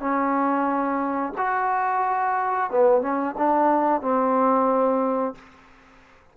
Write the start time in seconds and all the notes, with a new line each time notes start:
0.00 C#4
1.38 F#4
2.71 B3
3.02 C#4
3.38 D4
4.02 C4